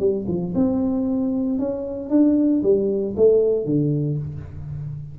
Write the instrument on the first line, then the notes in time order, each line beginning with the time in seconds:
tuba
0.00 G3
0.28 F3
0.55 C4
1.59 C#4
2.10 D4
2.63 G3
3.17 A3
3.66 D3